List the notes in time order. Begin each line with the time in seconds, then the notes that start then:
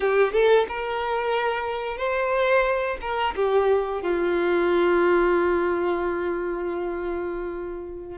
0.00 G4
0.32 A4
0.68 A#4
1.97 C5
3.01 A#4
3.35 G4
4.02 F4